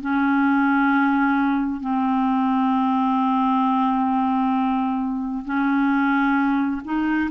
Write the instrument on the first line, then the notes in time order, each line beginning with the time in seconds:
clarinet
0.00 C#4
1.81 C4
5.45 C#4
6.84 D#4